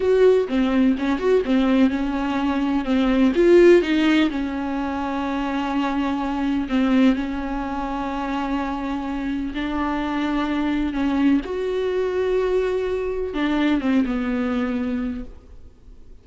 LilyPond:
\new Staff \with { instrumentName = "viola" } { \time 4/4 \tempo 4 = 126 fis'4 c'4 cis'8 fis'8 c'4 | cis'2 c'4 f'4 | dis'4 cis'2.~ | cis'2 c'4 cis'4~ |
cis'1 | d'2. cis'4 | fis'1 | d'4 c'8 b2~ b8 | }